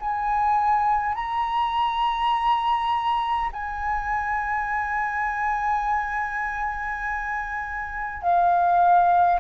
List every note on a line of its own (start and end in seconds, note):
0.00 1.15 G#5
1.15 3.50 A#5
3.52 8.22 G#5
8.22 9.40 F5